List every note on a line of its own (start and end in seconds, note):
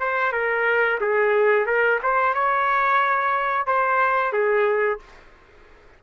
0.00 0.33 C5
0.33 1.00 A#4
1.01 1.66 G#4
1.66 2.00 A#4
2.03 2.35 C5
2.35 3.67 C#5
3.67 4.33 C5
4.33 5.00 G#4